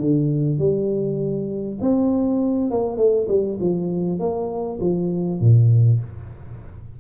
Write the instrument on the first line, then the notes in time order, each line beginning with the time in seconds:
tuba
0.00 D3
0.58 G3
1.81 C4
2.71 A#3
2.97 A3
3.28 G3
3.60 F3
4.19 A#3
4.81 F3
5.41 A#2